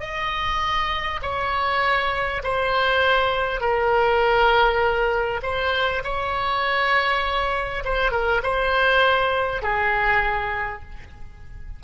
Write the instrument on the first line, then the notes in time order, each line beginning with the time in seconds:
oboe
0.00 D#5
1.22 C#5
2.43 C5
3.61 A#4
5.43 C5
6.04 C#5
7.84 C5
8.11 A#4
8.43 C5
9.62 G#4